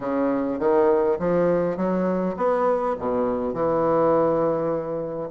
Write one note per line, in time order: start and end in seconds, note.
0.00 0.59 C#3
0.59 1.18 D#3
1.19 1.76 F3
1.76 2.35 F#3
2.36 2.95 B3
2.98 3.53 B2
3.53 5.30 E3